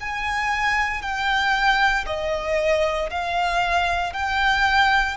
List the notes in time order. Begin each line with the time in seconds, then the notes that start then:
0.00 G#5
1.02 G5
2.06 D#5
3.10 F5
4.13 G5